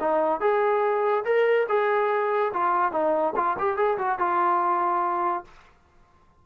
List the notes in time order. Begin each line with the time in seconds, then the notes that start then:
0.00 D#4
0.40 G#4
1.25 A#4
1.68 G#4
2.53 F4
2.92 D#4
3.36 F4
3.58 G4
3.77 G#4
3.98 F#4
4.18 F4